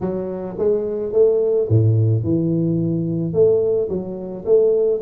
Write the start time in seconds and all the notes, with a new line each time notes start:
0.01 F#3
0.58 G#3
1.12 A3
1.69 A2
2.23 E3
3.33 A3
3.88 F#3
4.45 A3